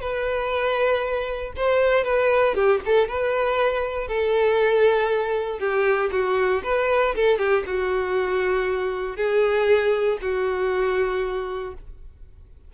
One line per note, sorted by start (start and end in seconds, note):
0.00 1.53 B4
1.56 2.04 C5
2.04 2.54 B4
2.54 2.80 G4
2.85 3.08 A4
3.08 4.07 B4
4.07 5.59 A4
5.59 6.10 G4
6.11 6.62 F#4
6.63 7.14 B4
7.15 7.38 A4
7.38 7.63 G4
7.66 9.16 F#4
9.16 10.18 G#4
10.21 11.74 F#4